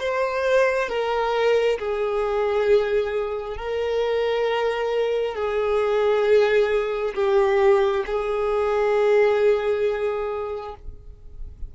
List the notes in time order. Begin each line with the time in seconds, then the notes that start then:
0.00 C5
0.89 A#4
1.80 G#4
3.57 A#4
5.36 G#4
7.15 G4
8.07 G#4